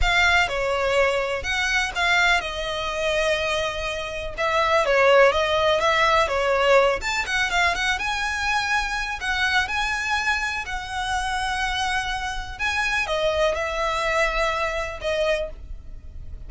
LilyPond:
\new Staff \with { instrumentName = "violin" } { \time 4/4 \tempo 4 = 124 f''4 cis''2 fis''4 | f''4 dis''2.~ | dis''4 e''4 cis''4 dis''4 | e''4 cis''4. a''8 fis''8 f''8 |
fis''8 gis''2~ gis''8 fis''4 | gis''2 fis''2~ | fis''2 gis''4 dis''4 | e''2. dis''4 | }